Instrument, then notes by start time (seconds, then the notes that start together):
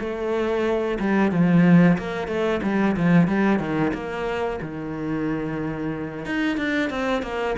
cello
0.00 A3
1.00 G3
1.32 F3
1.98 A#3
2.28 A3
2.63 G3
2.97 F3
3.28 G3
3.59 D#3
3.94 A#3
4.62 D#3
6.26 D#4
6.58 D4
6.90 C4
7.23 A#3